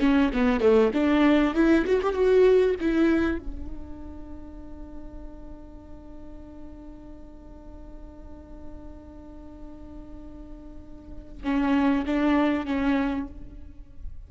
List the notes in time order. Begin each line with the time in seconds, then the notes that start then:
0.00 C#4
0.33 B3
0.61 A3
0.94 D4
1.55 E4
1.86 F#4
2.02 G4
2.14 F#4
2.81 E4
3.39 D4
11.44 C#4
12.06 D4
12.66 C#4